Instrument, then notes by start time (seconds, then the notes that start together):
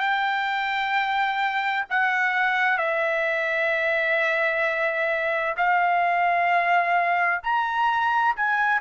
trumpet
0.00 G5
1.90 F#5
2.78 E5
5.57 F5
7.43 A#5
8.36 G#5